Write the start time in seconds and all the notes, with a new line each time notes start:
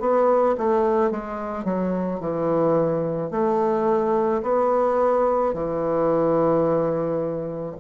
0.00 B3
0.58 A3
1.11 G#3
1.64 F#3
2.20 E3
3.31 A3
4.42 B3
5.54 E3